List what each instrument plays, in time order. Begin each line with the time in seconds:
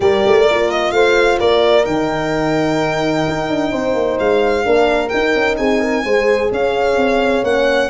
0.00 tuba G3, horn G4 A#4, violin D5
0.26 tuba A3
0.49 tuba A#3, horn F4
0.70 violin D#5
0.91 tuba A3, horn C5, violin F5
1.39 tuba A#3, horn A#4, violin D5
1.84 tuba D#3, horn D#4, violin G5
3.28 tuba D#4
3.49 tuba D4
3.71 tuba C4, horn C5
3.94 tuba A#3
4.19 tuba G#3, violin F5
4.64 tuba A#3, horn D4 A#4
5.08 tuba D#4, horn D#4, violin G5
5.35 tuba C#4
5.57 tuba C4, horn G#4, violin G#5
5.79 horn A#4
6.04 tuba G#3, horn G#4 C5
6.51 tuba C#4, horn C#5, violin F5
6.96 tuba C4
7.43 tuba A#3, horn C#4, violin F#5